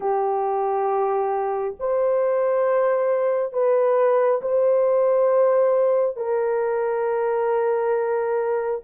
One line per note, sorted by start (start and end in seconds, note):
0.00 1.75 G4
1.79 3.53 C5
3.53 4.41 B4
4.41 6.16 C5
6.16 8.81 A#4